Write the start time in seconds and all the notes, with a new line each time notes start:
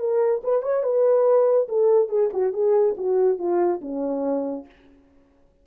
0.00 A#4
0.44 B4
0.63 C#5
0.84 B4
1.69 A4
2.09 G#4
2.34 F#4
2.54 G#4
2.98 F#4
3.39 F4
3.82 C#4